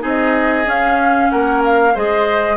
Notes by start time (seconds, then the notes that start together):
0.00 C4 D#4 G#4
0.07 D#5
0.65 C#4 F5
1.30 A#3 A#4 F#5
1.65 F5
1.94 G#3 G#4 C5 D#5